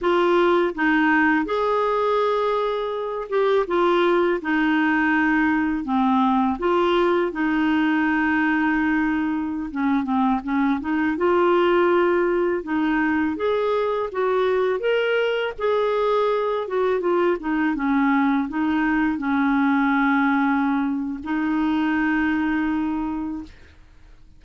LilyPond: \new Staff \with { instrumentName = "clarinet" } { \time 4/4 \tempo 4 = 82 f'4 dis'4 gis'2~ | gis'8 g'8 f'4 dis'2 | c'4 f'4 dis'2~ | dis'4~ dis'16 cis'8 c'8 cis'8 dis'8 f'8.~ |
f'4~ f'16 dis'4 gis'4 fis'8.~ | fis'16 ais'4 gis'4. fis'8 f'8 dis'16~ | dis'16 cis'4 dis'4 cis'4.~ cis'16~ | cis'4 dis'2. | }